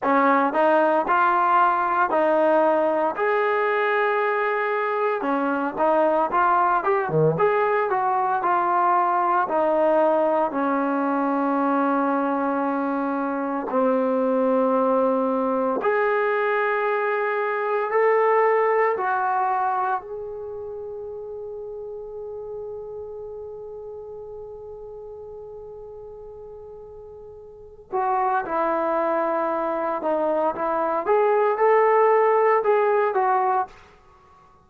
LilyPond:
\new Staff \with { instrumentName = "trombone" } { \time 4/4 \tempo 4 = 57 cis'8 dis'8 f'4 dis'4 gis'4~ | gis'4 cis'8 dis'8 f'8 g'16 dis16 gis'8 fis'8 | f'4 dis'4 cis'2~ | cis'4 c'2 gis'4~ |
gis'4 a'4 fis'4 gis'4~ | gis'1~ | gis'2~ gis'8 fis'8 e'4~ | e'8 dis'8 e'8 gis'8 a'4 gis'8 fis'8 | }